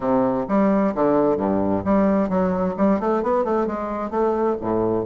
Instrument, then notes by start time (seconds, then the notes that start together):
bassoon
0.00 C3
0.48 G3
0.94 D3
1.36 G2
1.84 G3
2.29 F#3
2.77 G3
2.99 A3
3.22 B3
3.44 A3
3.66 G#3
4.10 A3
4.60 A2